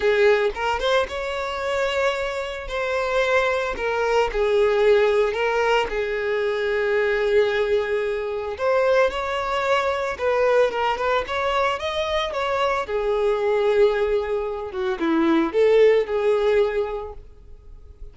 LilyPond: \new Staff \with { instrumentName = "violin" } { \time 4/4 \tempo 4 = 112 gis'4 ais'8 c''8 cis''2~ | cis''4 c''2 ais'4 | gis'2 ais'4 gis'4~ | gis'1 |
c''4 cis''2 b'4 | ais'8 b'8 cis''4 dis''4 cis''4 | gis'2.~ gis'8 fis'8 | e'4 a'4 gis'2 | }